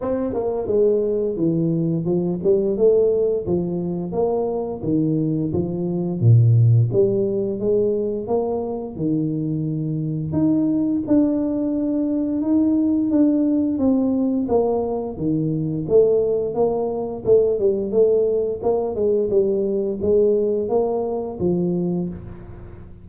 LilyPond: \new Staff \with { instrumentName = "tuba" } { \time 4/4 \tempo 4 = 87 c'8 ais8 gis4 e4 f8 g8 | a4 f4 ais4 dis4 | f4 ais,4 g4 gis4 | ais4 dis2 dis'4 |
d'2 dis'4 d'4 | c'4 ais4 dis4 a4 | ais4 a8 g8 a4 ais8 gis8 | g4 gis4 ais4 f4 | }